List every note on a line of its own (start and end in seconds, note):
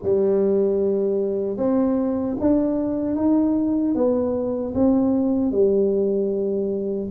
0.02 1.57 G3
1.57 2.36 C4
2.39 3.15 D4
3.15 3.94 D#4
3.94 4.73 B3
4.74 5.51 C4
5.51 7.09 G3